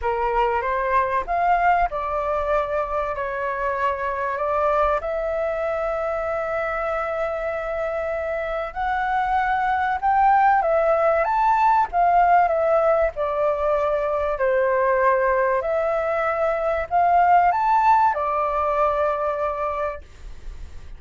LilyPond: \new Staff \with { instrumentName = "flute" } { \time 4/4 \tempo 4 = 96 ais'4 c''4 f''4 d''4~ | d''4 cis''2 d''4 | e''1~ | e''2 fis''2 |
g''4 e''4 a''4 f''4 | e''4 d''2 c''4~ | c''4 e''2 f''4 | a''4 d''2. | }